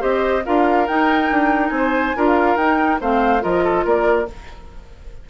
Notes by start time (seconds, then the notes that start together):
0.00 C4 G4 C5 D#5
0.45 D4 F4 A#4 F5
0.87 D#4 G5
1.31 D4
1.69 C4 G#5
1.77 C5
2.16 D4 F4 A#4
2.27 F5
2.56 D#4 G5
3.00 A3 C4 C5 F5
3.41 F3 F4 A#4 D#5
3.64 A4
3.84 A#3 A#4 D5